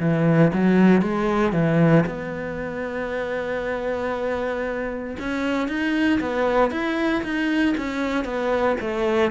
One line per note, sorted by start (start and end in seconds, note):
0.00 0.52 E3
0.54 1.02 F#3
1.02 1.53 G#3
1.53 2.05 E3
2.06 5.17 B3
5.20 5.68 C#4
5.68 6.20 D#4
6.20 6.71 B3
6.71 7.23 E4
7.24 7.75 D#4
7.78 8.25 C#4
8.25 8.76 B3
8.81 9.32 A3